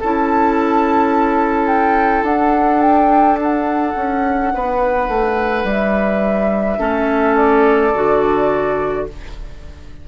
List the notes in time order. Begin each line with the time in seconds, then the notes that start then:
0.00 C#4 E4 A4 A5
1.67 G5
2.23 D4 F#5
2.81 G5
3.42 F#5
3.96 C#4
4.54 B3 B4
5.08 A3
5.64 G3 E5
6.79 A3 C#4 A4
7.36 D5
7.95 D3 F#4